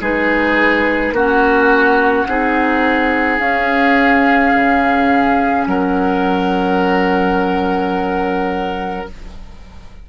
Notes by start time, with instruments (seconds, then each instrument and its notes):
0.00 bassoon G#3, clarinet D#4, oboe G#4, flute B4
1.12 bassoon A#3, clarinet C#4, oboe F#4, flute F#5
2.27 bassoon C4, clarinet D#4, oboe G#4
3.39 bassoon C#4, clarinet C#4, flute F5
4.54 bassoon C#3
5.66 bassoon F#3, oboe A#4, flute F#5